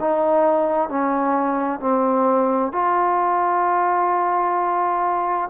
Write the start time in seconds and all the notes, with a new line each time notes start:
0.00 D#4
0.89 C#4
1.80 C4
2.72 F4